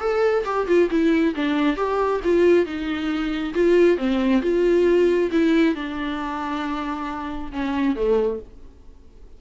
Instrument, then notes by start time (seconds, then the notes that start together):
viola
0.00 A4
0.45 G4
0.68 F4
0.91 E4
1.36 D4
1.76 G4
2.24 F4
2.66 D#4
3.54 F4
3.98 C4
4.42 F4
5.31 E4
5.75 D4
7.52 C#4
7.96 A3